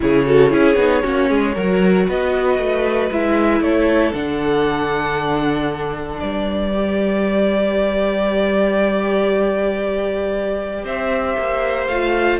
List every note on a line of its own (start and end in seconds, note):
0.00 0.53 C#3
0.00 0.25 E4
0.00 0.26 G#4
0.00 2.08 C#5
0.26 0.49 F#4
0.26 0.51 A4
0.49 0.75 C#4
0.49 0.75 E4
0.49 1.02 G#4
0.75 1.01 B3
0.75 1.02 D#4
1.02 1.30 A#3
1.02 1.54 C#4
1.02 1.28 F#4
1.28 1.55 G#3
1.28 1.54 G#4
1.54 2.07 F#3
1.54 3.12 F#4
1.54 2.06 A#4
2.07 2.58 B3
2.07 3.62 B4
2.07 3.11 D#5
2.58 3.10 A3
3.11 3.60 G#3
3.11 4.14 E4
3.11 3.62 E5
3.60 4.12 A3
3.60 6.20 A4
3.60 4.13 C#5
4.13 6.20 D3
4.13 6.72 D4
4.13 6.19 F#5
6.19 10.84 G3
6.19 10.85 B4
6.19 10.85 D5
6.73 11.91 G4
10.84 11.36 C4
10.84 12.40 C5
10.84 11.87 E5
11.37 11.88 A#3
11.87 12.40 A3
11.87 12.40 F4
11.87 12.38 F5